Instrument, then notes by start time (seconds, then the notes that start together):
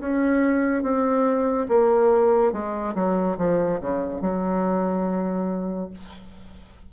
bassoon
0.00 C#4
0.83 C4
1.69 A#3
2.52 G#3
2.95 F#3
3.38 F3
3.81 C#3
4.21 F#3